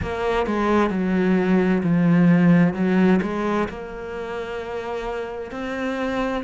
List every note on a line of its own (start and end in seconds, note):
0.02 0.46 A#3
0.46 0.90 G#3
0.90 1.82 F#3
1.83 2.73 F3
2.73 3.19 F#3
3.22 3.68 G#3
3.68 5.51 A#3
5.51 6.43 C4